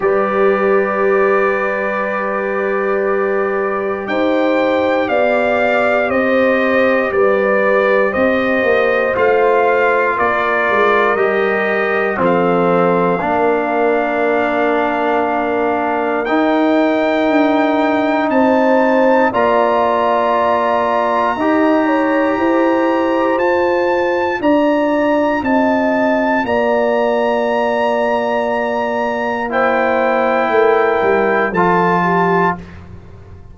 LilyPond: <<
  \new Staff \with { instrumentName = "trumpet" } { \time 4/4 \tempo 4 = 59 d''1 | g''4 f''4 dis''4 d''4 | dis''4 f''4 d''4 dis''4 | f''1 |
g''2 a''4 ais''4~ | ais''2. a''4 | ais''4 a''4 ais''2~ | ais''4 g''2 a''4 | }
  \new Staff \with { instrumentName = "horn" } { \time 4/4 b'1 | c''4 d''4 c''4 b'4 | c''2 ais'2 | a'4 ais'2.~ |
ais'2 c''4 d''4~ | d''4 dis''8 cis''8 c''2 | d''4 dis''4 d''2~ | d''4 c''4 ais'4 a'8 g'8 | }
  \new Staff \with { instrumentName = "trombone" } { \time 4/4 g'1~ | g'1~ | g'4 f'2 g'4 | c'4 d'2. |
dis'2. f'4~ | f'4 g'2 f'4~ | f'1~ | f'4 e'2 f'4 | }
  \new Staff \with { instrumentName = "tuba" } { \time 4/4 g1 | dis'4 b4 c'4 g4 | c'8 ais8 a4 ais8 gis8 g4 | f4 ais2. |
dis'4 d'4 c'4 ais4~ | ais4 dis'4 e'4 f'4 | d'4 c'4 ais2~ | ais2 a8 g8 f4 | }
>>